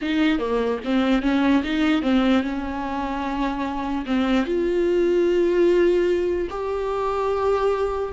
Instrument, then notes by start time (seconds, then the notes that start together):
viola
0.01 D#4
0.38 A#3
0.84 C4
1.22 C#4
1.63 D#4
2.02 C4
2.43 C#4
4.05 C4
4.45 F4
6.50 G4